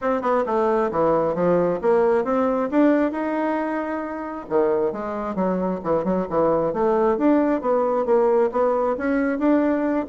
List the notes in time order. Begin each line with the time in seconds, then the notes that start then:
0.01 C4
0.21 B3
0.45 A3
0.91 E3
1.34 F3
1.81 A#3
2.24 C4
2.70 D4
3.11 D#4
4.49 D#3
4.92 G#3
5.35 F#3
5.83 E3
6.04 F#3
6.29 E3
6.73 A3
7.17 D4
7.61 B3
8.05 A#3
8.51 B3
8.97 C#4
9.38 D4